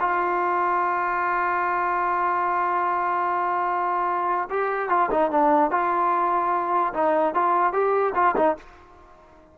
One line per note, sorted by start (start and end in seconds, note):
0.00 4.49 F4
4.50 4.89 G4
4.89 5.10 F4
5.11 5.31 D#4
5.31 5.71 D4
5.71 6.94 F4
6.94 7.35 D#4
7.35 7.73 F4
7.73 8.14 G4
8.15 8.36 F4
8.37 8.57 D#4